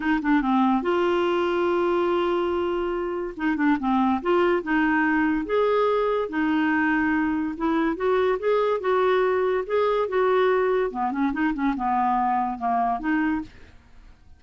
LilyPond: \new Staff \with { instrumentName = "clarinet" } { \time 4/4 \tempo 4 = 143 dis'8 d'8 c'4 f'2~ | f'1 | dis'8 d'8 c'4 f'4 dis'4~ | dis'4 gis'2 dis'4~ |
dis'2 e'4 fis'4 | gis'4 fis'2 gis'4 | fis'2 b8 cis'8 dis'8 cis'8 | b2 ais4 dis'4 | }